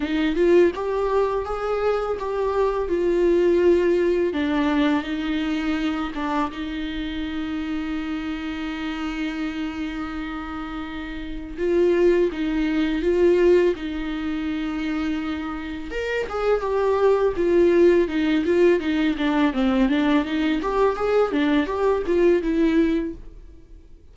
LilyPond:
\new Staff \with { instrumentName = "viola" } { \time 4/4 \tempo 4 = 83 dis'8 f'8 g'4 gis'4 g'4 | f'2 d'4 dis'4~ | dis'8 d'8 dis'2.~ | dis'1 |
f'4 dis'4 f'4 dis'4~ | dis'2 ais'8 gis'8 g'4 | f'4 dis'8 f'8 dis'8 d'8 c'8 d'8 | dis'8 g'8 gis'8 d'8 g'8 f'8 e'4 | }